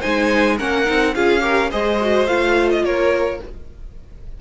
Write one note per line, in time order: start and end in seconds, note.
0.00 0.60 G#3
0.00 0.59 D#4
0.00 0.56 C5
0.00 0.58 G#5
0.58 0.88 A#3
0.58 0.86 C#4
0.58 1.14 A#4
0.58 1.15 F#5
0.86 1.16 C4
0.86 1.14 D#4
1.15 1.72 C#4
1.15 1.40 F4
1.15 1.43 G#4
1.15 1.71 F5
1.40 1.68 G4
1.40 1.70 A#4
1.70 2.27 G#3
1.70 2.00 G#4
1.70 2.82 C5
1.70 2.27 D#5
2.01 2.28 F#4
2.27 2.83 A3
2.27 3.40 F4
2.27 2.69 F5
2.71 2.85 D#5
2.83 3.39 A#3
2.83 3.41 A#4
2.83 3.41 C#5